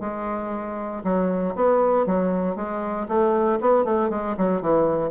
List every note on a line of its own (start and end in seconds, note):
0.00 1.03 G#3
1.03 1.55 F#3
1.55 2.06 B3
2.06 2.55 F#3
2.55 3.07 G#3
3.08 3.59 A3
3.60 3.84 B3
3.84 4.10 A3
4.10 4.35 G#3
4.37 4.61 F#3
4.61 5.10 E3